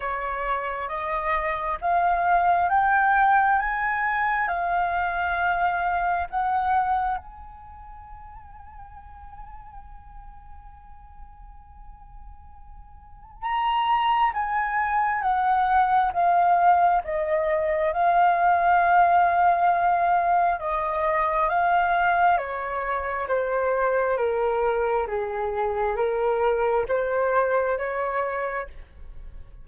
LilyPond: \new Staff \with { instrumentName = "flute" } { \time 4/4 \tempo 4 = 67 cis''4 dis''4 f''4 g''4 | gis''4 f''2 fis''4 | gis''1~ | gis''2. ais''4 |
gis''4 fis''4 f''4 dis''4 | f''2. dis''4 | f''4 cis''4 c''4 ais'4 | gis'4 ais'4 c''4 cis''4 | }